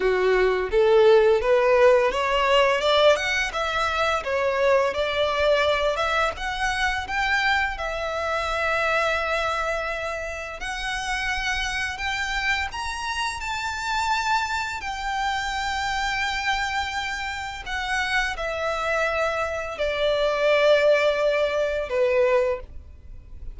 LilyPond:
\new Staff \with { instrumentName = "violin" } { \time 4/4 \tempo 4 = 85 fis'4 a'4 b'4 cis''4 | d''8 fis''8 e''4 cis''4 d''4~ | d''8 e''8 fis''4 g''4 e''4~ | e''2. fis''4~ |
fis''4 g''4 ais''4 a''4~ | a''4 g''2.~ | g''4 fis''4 e''2 | d''2. b'4 | }